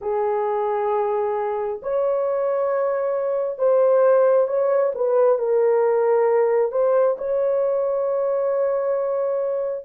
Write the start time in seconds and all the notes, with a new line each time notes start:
0.01 G#4
1.82 C#5
3.58 C5
4.47 C#5
4.95 B4
5.38 A#4
6.71 C5
7.18 C#5